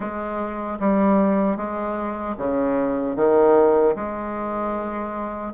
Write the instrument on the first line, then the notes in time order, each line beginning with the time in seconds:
bassoon
0.00 G#3
0.79 G3
1.56 G#3
2.37 C#3
3.16 D#3
3.95 G#3